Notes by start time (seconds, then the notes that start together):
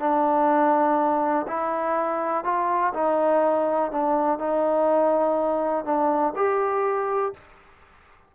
0.00 D4
1.47 E4
2.45 F4
2.94 D#4
3.92 D4
4.39 D#4
5.85 D4
6.36 G4